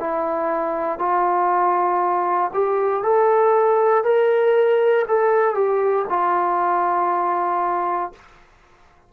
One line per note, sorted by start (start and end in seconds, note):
0.00 0.98 E4
0.98 2.51 F4
2.54 3.03 G4
3.03 4.04 A4
4.04 5.06 A#4
5.08 5.55 A4
5.55 6.06 G4
6.09 8.12 F4